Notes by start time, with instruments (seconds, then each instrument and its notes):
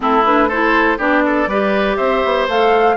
0.00 bassoon A3, clarinet C4, oboe E4, flute A4
0.25 clarinet D4, flute B4
0.48 clarinet E4, oboe A4, flute C5
0.98 bassoon B3, clarinet D4, oboe G4, flute D5
1.25 oboe A4
1.47 bassoon G3, clarinet G4, oboe B4
1.96 bassoon C4, oboe C5, flute E5
2.24 bassoon B3
2.47 bassoon A3, clarinet A4, flute F5